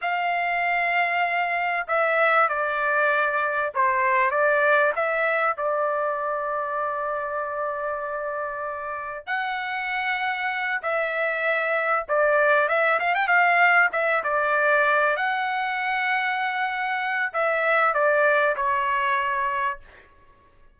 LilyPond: \new Staff \with { instrumentName = "trumpet" } { \time 4/4 \tempo 4 = 97 f''2. e''4 | d''2 c''4 d''4 | e''4 d''2.~ | d''2. fis''4~ |
fis''4. e''2 d''8~ | d''8 e''8 f''16 g''16 f''4 e''8 d''4~ | d''8 fis''2.~ fis''8 | e''4 d''4 cis''2 | }